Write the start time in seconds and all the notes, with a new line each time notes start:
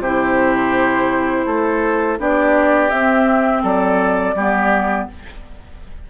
0.00 C3 E4 G4 C5
1.46 A3 A4
2.19 B3 D4 G4 D5
2.90 C4 E5
3.63 F#3 A4 D5
4.35 G3 B3 G4